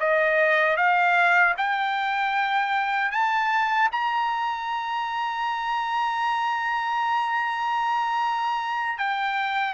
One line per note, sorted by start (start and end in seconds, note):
0.00 0.77 D#5
0.77 1.55 F5
1.58 3.12 G5
3.12 3.90 A5
3.92 8.99 A#5
8.99 9.74 G5